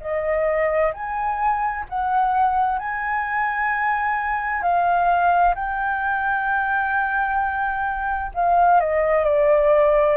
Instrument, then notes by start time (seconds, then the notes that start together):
flute
0.00 D#5
0.93 G#5
1.89 F#5
2.79 G#5
4.62 F5
5.55 G5
8.34 F5
8.80 D#5
9.24 D5